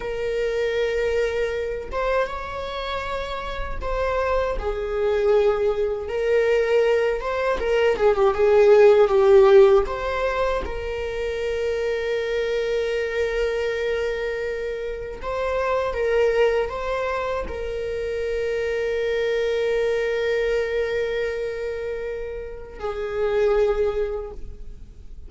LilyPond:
\new Staff \with { instrumentName = "viola" } { \time 4/4 \tempo 4 = 79 ais'2~ ais'8 c''8 cis''4~ | cis''4 c''4 gis'2 | ais'4. c''8 ais'8 gis'16 g'16 gis'4 | g'4 c''4 ais'2~ |
ais'1 | c''4 ais'4 c''4 ais'4~ | ais'1~ | ais'2 gis'2 | }